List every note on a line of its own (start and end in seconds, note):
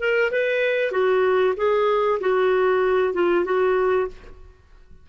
0.00 0.31 A#4
0.32 0.92 B4
0.92 1.55 F#4
1.57 2.20 G#4
2.21 3.14 F#4
3.14 3.45 F4
3.45 4.08 F#4